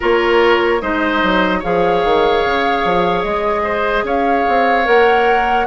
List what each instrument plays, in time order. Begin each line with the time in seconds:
0.00 bassoon A#3, clarinet F4, oboe A#4, flute C#5
0.81 bassoon G#3, clarinet D#4, oboe C5, flute D#5
1.22 bassoon F#3
1.59 bassoon F3, clarinet G#4, oboe C#5, flute F5
2.04 bassoon D#3
2.44 bassoon C#3
2.84 bassoon F3
3.23 bassoon G#3, flute D#5
3.63 oboe C5
4.03 bassoon C#4, oboe C#5, flute F5
4.48 bassoon C4
4.84 bassoon A#3, clarinet A#4, flute F#5